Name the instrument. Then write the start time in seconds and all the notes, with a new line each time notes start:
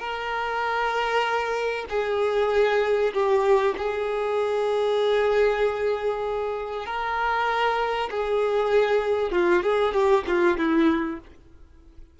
violin
0.00 A#4
1.90 G#4
3.14 G4
3.78 G#4
6.86 A#4
8.11 G#4
9.32 F4
9.63 G#4
9.94 G4
10.27 F4
10.58 E4